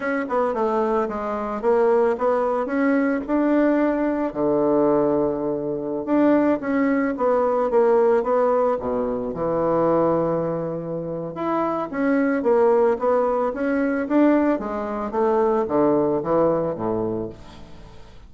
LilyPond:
\new Staff \with { instrumentName = "bassoon" } { \time 4/4 \tempo 4 = 111 cis'8 b8 a4 gis4 ais4 | b4 cis'4 d'2 | d2.~ d16 d'8.~ | d'16 cis'4 b4 ais4 b8.~ |
b16 b,4 e2~ e8.~ | e4 e'4 cis'4 ais4 | b4 cis'4 d'4 gis4 | a4 d4 e4 a,4 | }